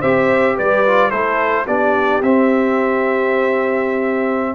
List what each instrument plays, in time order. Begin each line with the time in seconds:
0.00 tuba C4, trombone G4, horn C5, trumpet E5
0.56 tuba G3, horn B4, trumpet D5
0.86 trombone F4
1.10 tuba A3, trombone E4, horn A4, trumpet C5
1.67 tuba B3, trombone D4, horn G4, trumpet D5
2.22 tuba C4, trombone C4, trumpet E5